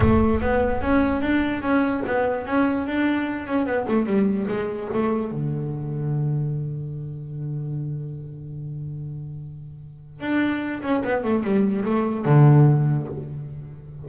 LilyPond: \new Staff \with { instrumentName = "double bass" } { \time 4/4 \tempo 4 = 147 a4 b4 cis'4 d'4 | cis'4 b4 cis'4 d'4~ | d'8 cis'8 b8 a8 g4 gis4 | a4 d2.~ |
d1~ | d1~ | d4 d'4. cis'8 b8 a8 | g4 a4 d2 | }